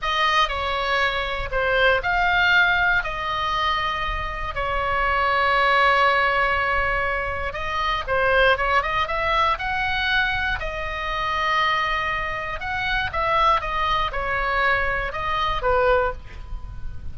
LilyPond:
\new Staff \with { instrumentName = "oboe" } { \time 4/4 \tempo 4 = 119 dis''4 cis''2 c''4 | f''2 dis''2~ | dis''4 cis''2.~ | cis''2. dis''4 |
c''4 cis''8 dis''8 e''4 fis''4~ | fis''4 dis''2.~ | dis''4 fis''4 e''4 dis''4 | cis''2 dis''4 b'4 | }